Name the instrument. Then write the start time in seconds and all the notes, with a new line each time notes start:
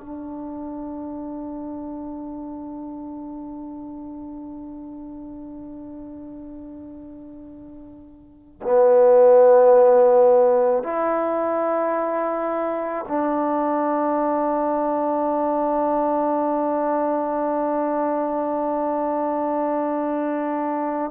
trombone
0.00 D4
8.63 B3
10.83 E4
13.08 D4